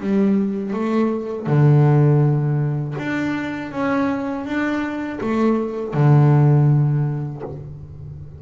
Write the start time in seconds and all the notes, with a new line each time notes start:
0.00 G3
0.73 A3
1.47 D3
2.98 D4
3.71 C#4
4.45 D4
5.21 A3
5.94 D3